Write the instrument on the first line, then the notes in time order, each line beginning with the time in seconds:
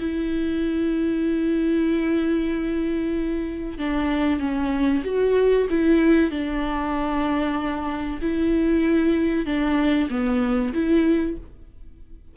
viola
0.00 E4
3.78 D4
4.40 C#4
5.05 F#4
5.70 E4
6.31 D4
8.22 E4
9.46 D4
10.10 B3
10.74 E4